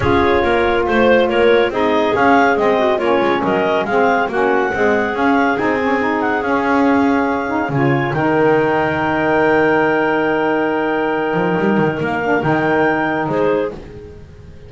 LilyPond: <<
  \new Staff \with { instrumentName = "clarinet" } { \time 4/4 \tempo 4 = 140 cis''2 c''4 cis''4 | dis''4 f''4 dis''4 cis''4 | dis''4 f''4 fis''2 | f''4 gis''4. fis''8 f''4~ |
f''2 gis''4 g''4~ | g''1~ | g''1 | f''4 g''2 c''4 | }
  \new Staff \with { instrumentName = "clarinet" } { \time 4/4 gis'4 ais'4 c''4 ais'4 | gis'2~ gis'8 fis'8 f'4 | ais'4 gis'4 fis'4 gis'4~ | gis'1~ |
gis'2 cis''4 ais'4~ | ais'1~ | ais'1~ | ais'2. gis'4 | }
  \new Staff \with { instrumentName = "saxophone" } { \time 4/4 f'1 | dis'4 cis'4 c'4 cis'4~ | cis'4 c'4 cis'4 gis4 | cis'4 dis'8 cis'8 dis'4 cis'4~ |
cis'4. dis'8 f'4 dis'4~ | dis'1~ | dis'1~ | dis'8 d'8 dis'2. | }
  \new Staff \with { instrumentName = "double bass" } { \time 4/4 cis'4 ais4 a4 ais4 | c'4 cis'4 gis4 ais8 gis8 | fis4 gis4 ais4 c'4 | cis'4 c'2 cis'4~ |
cis'2 cis4 dis4~ | dis1~ | dis2~ dis8 f8 g8 dis8 | ais4 dis2 gis4 | }
>>